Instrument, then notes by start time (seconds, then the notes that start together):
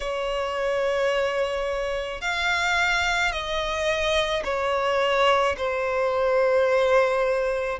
violin
0.00 C#5
2.21 F5
3.31 D#5
4.44 C#5
5.57 C5